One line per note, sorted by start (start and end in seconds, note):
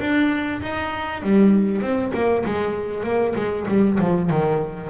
0.00 0.61 D4
0.62 1.22 D#4
1.22 1.81 G3
1.81 2.12 C4
2.14 2.44 A#3
2.45 3.04 G#3
3.04 3.34 A#3
3.36 3.66 G#3
3.68 3.99 G3
3.99 4.30 F3
4.30 4.90 D#3